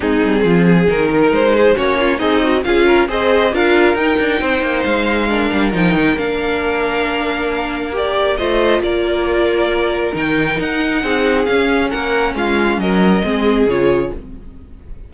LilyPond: <<
  \new Staff \with { instrumentName = "violin" } { \time 4/4 \tempo 4 = 136 gis'2 ais'4 c''4 | cis''4 dis''4 f''4 dis''4 | f''4 g''2 f''4~ | f''4 g''4 f''2~ |
f''2 d''4 dis''4 | d''2. g''4 | fis''2 f''4 fis''4 | f''4 dis''2 cis''4 | }
  \new Staff \with { instrumentName = "violin" } { \time 4/4 dis'4 f'8 gis'4 ais'4 gis'8 | fis'8 f'8 dis'4 gis'8 ais'8 c''4 | ais'2 c''2 | ais'1~ |
ais'2. c''4 | ais'1~ | ais'4 gis'2 ais'4 | f'4 ais'4 gis'2 | }
  \new Staff \with { instrumentName = "viola" } { \time 4/4 c'2 dis'2 | cis'4 gis'8 fis'8 f'4 gis'4 | f'4 dis'2. | d'4 dis'4 d'2~ |
d'2 g'4 f'4~ | f'2. dis'4~ | dis'2 cis'2~ | cis'2 c'4 f'4 | }
  \new Staff \with { instrumentName = "cello" } { \time 4/4 gis8 g8 f4 dis4 gis4 | ais4 c'4 cis'4 c'4 | d'4 dis'8 d'8 c'8 ais8 gis4~ | gis8 g8 f8 dis8 ais2~ |
ais2. a4 | ais2. dis4 | dis'4 c'4 cis'4 ais4 | gis4 fis4 gis4 cis4 | }
>>